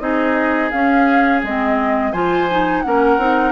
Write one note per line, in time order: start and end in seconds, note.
0.00 0.71 C4
0.00 0.71 D#4
0.00 2.12 G#4
0.00 0.71 D#5
0.71 1.44 C#4
0.71 1.45 C#4
0.71 1.42 F5
1.44 2.13 G#3
1.44 2.14 C4
1.44 2.13 D#5
2.12 2.84 F3
2.12 2.49 F4
2.12 2.83 C5
2.12 2.82 G#5
2.51 2.85 D#4
2.82 3.18 A#3
2.82 3.20 C#4
2.82 3.53 A#4
2.82 3.53 F#5
3.18 3.53 C4
3.18 3.53 D#4